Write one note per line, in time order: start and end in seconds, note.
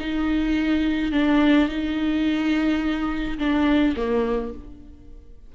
0.00 1.12 D#4
1.12 1.69 D4
1.69 3.39 D#4
3.39 3.95 D4
3.97 4.54 A#3